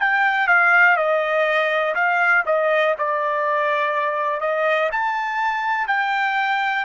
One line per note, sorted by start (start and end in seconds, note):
0.00 0.48 G5
0.48 0.97 F5
0.97 1.95 D#5
1.95 2.45 F5
2.46 2.96 D#5
2.99 4.41 D5
4.41 4.90 D#5
4.92 5.88 A5
5.88 6.85 G5